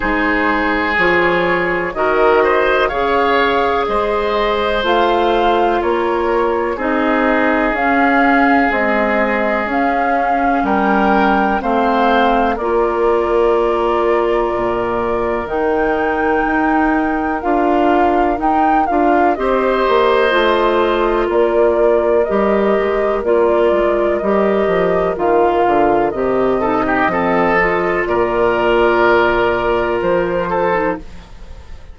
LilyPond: <<
  \new Staff \with { instrumentName = "flute" } { \time 4/4 \tempo 4 = 62 c''4 cis''4 dis''4 f''4 | dis''4 f''4 cis''4 dis''4 | f''4 dis''4 f''4 g''4 | f''4 d''2. |
g''2 f''4 g''8 f''8 | dis''2 d''4 dis''4 | d''4 dis''4 f''4 dis''4~ | dis''4 d''2 c''4 | }
  \new Staff \with { instrumentName = "oboe" } { \time 4/4 gis'2 ais'8 c''8 cis''4 | c''2 ais'4 gis'4~ | gis'2. ais'4 | c''4 ais'2.~ |
ais'1 | c''2 ais'2~ | ais'2.~ ais'8 a'16 g'16 | a'4 ais'2~ ais'8 a'8 | }
  \new Staff \with { instrumentName = "clarinet" } { \time 4/4 dis'4 f'4 fis'4 gis'4~ | gis'4 f'2 dis'4 | cis'4 gis4 cis'2 | c'4 f'2. |
dis'2 f'4 dis'8 f'8 | g'4 f'2 g'4 | f'4 g'4 f'4 g'8 dis'8 | c'8 f'2.~ f'16 dis'16 | }
  \new Staff \with { instrumentName = "bassoon" } { \time 4/4 gis4 f4 dis4 cis4 | gis4 a4 ais4 c'4 | cis'4 c'4 cis'4 g4 | a4 ais2 ais,4 |
dis4 dis'4 d'4 dis'8 d'8 | c'8 ais8 a4 ais4 g8 gis8 | ais8 gis8 g8 f8 dis8 d8 c4 | f4 ais,2 f4 | }
>>